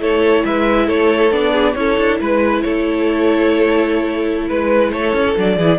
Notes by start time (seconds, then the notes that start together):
0.00 A3 E4 A4 C#5
0.45 G#3 B4 E5
0.87 A3 A4 C#5
1.32 B3 D4 D5
1.53 G#4
1.75 C#4 E4 A4 C#5
1.99 D4
2.21 G#3 B4
2.62 A3 A4 C#5
4.48 G#3 B4
4.92 A3 A4 C#5
5.13 C#4
5.37 F#3 D4 D5
5.57 E3 E4 G#4